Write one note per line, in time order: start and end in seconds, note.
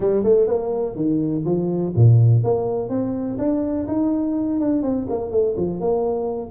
0.00 0.23 G3
0.23 0.47 A3
0.47 0.95 A#3
0.95 1.44 D#3
1.45 1.93 F3
1.95 2.43 A#2
2.43 2.89 A#3
2.89 3.37 C4
3.38 3.86 D4
3.87 4.60 D#4
4.60 4.82 D4
4.82 5.06 C4
5.09 5.30 A#3
5.30 5.55 A3
5.56 5.80 F3
5.80 6.50 A#3